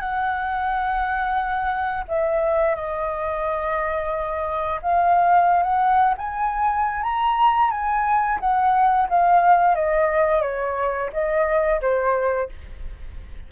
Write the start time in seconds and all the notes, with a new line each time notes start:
0.00 F#5
2.09 E5
2.76 D#5
4.82 F5
5.63 F#5
6.18 G#5
7.03 A#5
7.71 G#5
8.40 F#5
9.09 F5
9.76 D#5
10.42 C#5
11.13 D#5
11.81 C5